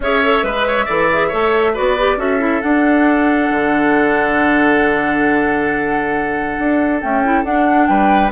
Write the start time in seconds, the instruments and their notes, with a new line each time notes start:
0.00 bassoon C#4, clarinet G#4, oboe C#5, flute E5
0.23 clarinet A4
0.43 bassoon G#3, clarinet B4, oboe B4
0.67 oboe C#5
0.85 bassoon E3, clarinet A4, oboe D5
1.12 clarinet G#4
1.28 bassoon A3, clarinet A4, oboe C#5
1.73 bassoon B3, clarinet F#4, oboe B4, flute D5
1.98 clarinet G4
2.17 bassoon C#4, clarinet F#4, oboe A4, flute E5
2.39 clarinet E4
2.61 clarinet D4, bassoon D4, flute F#5
3.50 bassoon D3
6.58 bassoon D4
6.99 clarinet A3, bassoon C#4, flute G5
7.24 clarinet E4
7.43 bassoon D4, clarinet D4, flute F#5
7.87 bassoon G3, oboe B4, flute G5